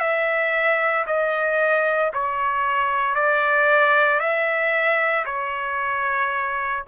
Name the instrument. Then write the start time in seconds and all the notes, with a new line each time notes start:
trumpet
0.00 E5
1.07 D#5
2.13 C#5
3.15 D5
4.20 E5
5.25 C#5